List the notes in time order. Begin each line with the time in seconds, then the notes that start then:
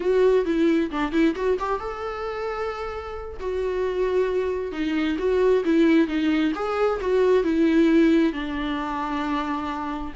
0.00 F#4
0.45 E4
0.90 D4
1.12 E4
1.35 F#4
1.59 G4
1.79 A4
3.40 F#4
4.71 D#4
5.18 F#4
5.64 E4
6.07 D#4
6.54 G#4
7.00 F#4
7.43 E4
8.33 D4